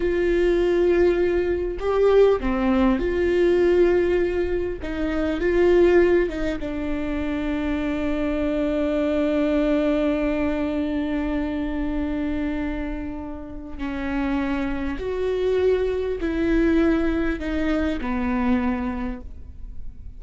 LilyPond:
\new Staff \with { instrumentName = "viola" } { \time 4/4 \tempo 4 = 100 f'2. g'4 | c'4 f'2. | dis'4 f'4. dis'8 d'4~ | d'1~ |
d'1~ | d'2. cis'4~ | cis'4 fis'2 e'4~ | e'4 dis'4 b2 | }